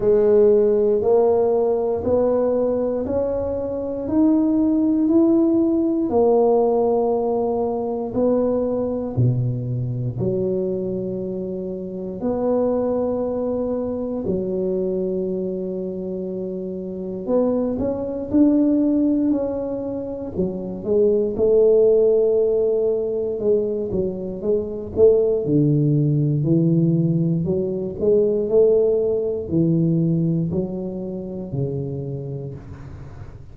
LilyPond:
\new Staff \with { instrumentName = "tuba" } { \time 4/4 \tempo 4 = 59 gis4 ais4 b4 cis'4 | dis'4 e'4 ais2 | b4 b,4 fis2 | b2 fis2~ |
fis4 b8 cis'8 d'4 cis'4 | fis8 gis8 a2 gis8 fis8 | gis8 a8 d4 e4 fis8 gis8 | a4 e4 fis4 cis4 | }